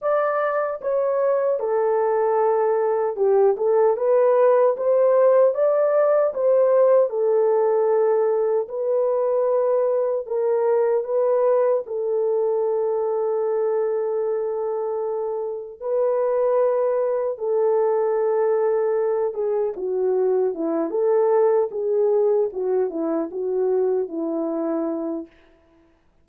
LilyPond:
\new Staff \with { instrumentName = "horn" } { \time 4/4 \tempo 4 = 76 d''4 cis''4 a'2 | g'8 a'8 b'4 c''4 d''4 | c''4 a'2 b'4~ | b'4 ais'4 b'4 a'4~ |
a'1 | b'2 a'2~ | a'8 gis'8 fis'4 e'8 a'4 gis'8~ | gis'8 fis'8 e'8 fis'4 e'4. | }